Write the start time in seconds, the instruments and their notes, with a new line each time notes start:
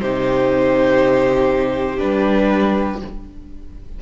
0.00 cello C3, viola D#4, violin G4 C5
1.97 cello G3, viola D4, violin B4